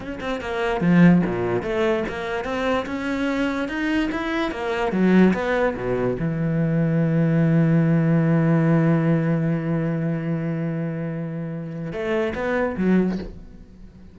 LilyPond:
\new Staff \with { instrumentName = "cello" } { \time 4/4 \tempo 4 = 146 cis'8 c'8 ais4 f4 ais,4 | a4 ais4 c'4 cis'4~ | cis'4 dis'4 e'4 ais4 | fis4 b4 b,4 e4~ |
e1~ | e1~ | e1~ | e4 a4 b4 fis4 | }